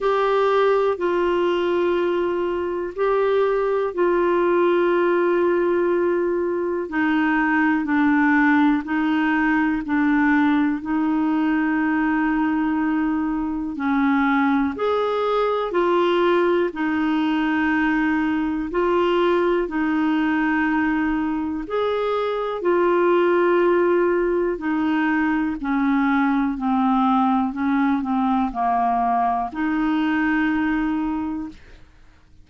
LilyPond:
\new Staff \with { instrumentName = "clarinet" } { \time 4/4 \tempo 4 = 61 g'4 f'2 g'4 | f'2. dis'4 | d'4 dis'4 d'4 dis'4~ | dis'2 cis'4 gis'4 |
f'4 dis'2 f'4 | dis'2 gis'4 f'4~ | f'4 dis'4 cis'4 c'4 | cis'8 c'8 ais4 dis'2 | }